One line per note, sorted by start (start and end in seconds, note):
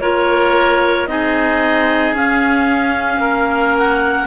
0.00 1.07 A#3
0.00 1.08 F4
0.00 1.08 A#4
0.00 1.07 C#5
1.07 2.13 C4
1.07 2.14 D#4
1.07 3.21 G#4
1.07 2.14 D#5
2.13 3.18 C#4
2.13 4.27 C#4
2.13 3.77 F5
3.18 4.25 A#3
3.18 4.27 A#4
3.78 4.27 F#5